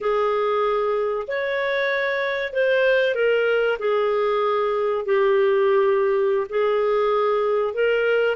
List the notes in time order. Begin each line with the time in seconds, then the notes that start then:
0.01 G#4
1.27 C#5
2.52 C5
3.14 A#4
3.78 G#4
5.05 G4
6.49 G#4
7.73 A#4